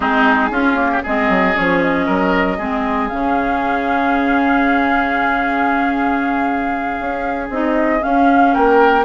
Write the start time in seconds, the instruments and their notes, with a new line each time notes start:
0.00 bassoon G#3, clarinet C4, oboe D#4, flute G#4
0.50 bassoon C#4, clarinet C#4, oboe F4
0.75 clarinet A#3
0.91 oboe G4
1.02 bassoon G#3, clarinet C4, oboe G#4, flute D#5
1.28 bassoon F#3
1.54 bassoon F3, clarinet C#4, flute C#5
1.81 flute D#5
2.06 bassoon F#3, oboe A#4
2.57 bassoon G#3, clarinet C4, oboe G#4
3.08 bassoon C#3, clarinet C#4, flute F5
6.99 bassoon C#4
7.49 bassoon C4, clarinet D#4, flute D#5
8.00 clarinet C#4, bassoon C#4, flute F5
8.53 bassoon A#3, oboe A#4, flute G5